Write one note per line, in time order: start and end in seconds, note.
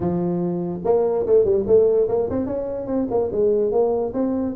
0.00 0.80 F3
0.84 1.25 A#3
1.26 1.44 A3
1.44 1.65 G3
1.66 2.08 A3
2.08 2.29 A#3
2.29 2.46 C4
2.46 2.86 C#4
2.86 3.07 C4
3.10 3.30 A#3
3.32 3.71 G#3
3.71 4.12 A#3
4.13 4.55 C4